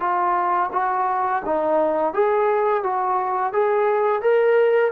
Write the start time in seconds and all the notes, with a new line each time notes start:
0.00 F4
0.72 F#4
1.45 D#4
2.13 G#4
2.83 F#4
3.53 G#4
4.21 A#4